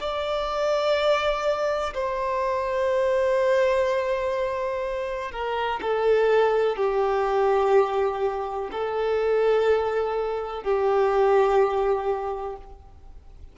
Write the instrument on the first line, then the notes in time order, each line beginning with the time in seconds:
violin
0.00 D5
1.94 C5
5.32 A#4
5.82 A4
6.77 G4
8.71 A4
10.63 G4